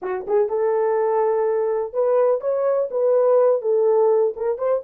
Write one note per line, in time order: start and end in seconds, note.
0.02 0.26 F#4
0.27 0.48 G#4
0.48 1.93 A4
1.93 2.40 B4
2.40 2.89 C#5
2.90 3.61 B4
3.61 4.34 A4
4.36 4.58 A#4
4.58 4.82 C5